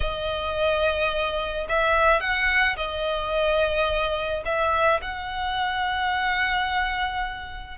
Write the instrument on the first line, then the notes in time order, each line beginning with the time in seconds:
violin
0.00 D#5
1.68 E5
2.20 F#5
2.76 D#5
4.45 E5
5.01 F#5